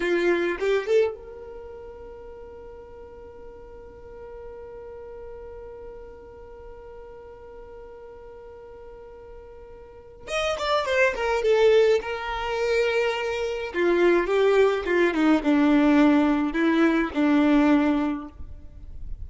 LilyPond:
\new Staff \with { instrumentName = "violin" } { \time 4/4 \tempo 4 = 105 f'4 g'8 a'8 ais'2~ | ais'1~ | ais'1~ | ais'1~ |
ais'2 dis''8 d''8 c''8 ais'8 | a'4 ais'2. | f'4 g'4 f'8 dis'8 d'4~ | d'4 e'4 d'2 | }